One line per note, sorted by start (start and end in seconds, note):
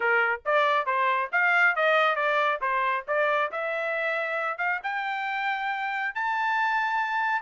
0.00 0.41 A#4
0.45 0.86 D5
0.86 1.29 C5
1.32 1.75 F5
1.75 2.15 D#5
2.15 2.59 D5
2.61 3.05 C5
3.07 3.51 D5
3.51 4.58 E5
4.58 4.80 F5
4.83 6.14 G5
6.14 7.42 A5